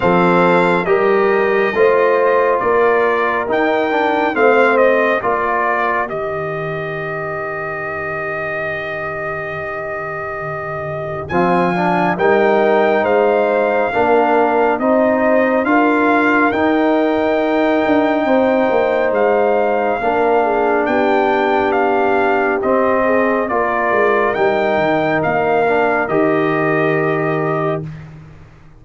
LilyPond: <<
  \new Staff \with { instrumentName = "trumpet" } { \time 4/4 \tempo 4 = 69 f''4 dis''2 d''4 | g''4 f''8 dis''8 d''4 dis''4~ | dis''1~ | dis''4 gis''4 g''4 f''4~ |
f''4 dis''4 f''4 g''4~ | g''2 f''2 | g''4 f''4 dis''4 d''4 | g''4 f''4 dis''2 | }
  \new Staff \with { instrumentName = "horn" } { \time 4/4 a'4 ais'4 c''4 ais'4~ | ais'4 c''4 ais'2~ | ais'1~ | ais'4 f''4 ais'4 c''4 |
ais'4 c''4 ais'2~ | ais'4 c''2 ais'8 gis'8 | g'2~ g'8 gis'8 ais'4~ | ais'1 | }
  \new Staff \with { instrumentName = "trombone" } { \time 4/4 c'4 g'4 f'2 | dis'8 d'8 c'4 f'4 g'4~ | g'1~ | g'4 c'8 d'8 dis'2 |
d'4 dis'4 f'4 dis'4~ | dis'2. d'4~ | d'2 c'4 f'4 | dis'4. d'8 g'2 | }
  \new Staff \with { instrumentName = "tuba" } { \time 4/4 f4 g4 a4 ais4 | dis'4 a4 ais4 dis4~ | dis1~ | dis4 f4 g4 gis4 |
ais4 c'4 d'4 dis'4~ | dis'8 d'8 c'8 ais8 gis4 ais4 | b2 c'4 ais8 gis8 | g8 dis8 ais4 dis2 | }
>>